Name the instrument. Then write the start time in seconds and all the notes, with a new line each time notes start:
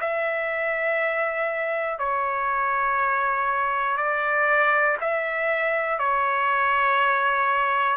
trumpet
0.00 E5
1.98 C#5
3.97 D5
5.01 E5
5.99 C#5